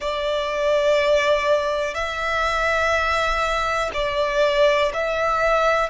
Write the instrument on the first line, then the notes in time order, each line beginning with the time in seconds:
violin
0.00 D5
1.94 E5
3.93 D5
4.93 E5